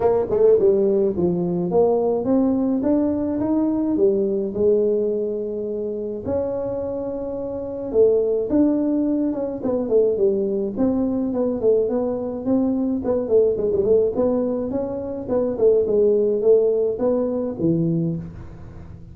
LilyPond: \new Staff \with { instrumentName = "tuba" } { \time 4/4 \tempo 4 = 106 ais8 a8 g4 f4 ais4 | c'4 d'4 dis'4 g4 | gis2. cis'4~ | cis'2 a4 d'4~ |
d'8 cis'8 b8 a8 g4 c'4 | b8 a8 b4 c'4 b8 a8 | gis16 g16 a8 b4 cis'4 b8 a8 | gis4 a4 b4 e4 | }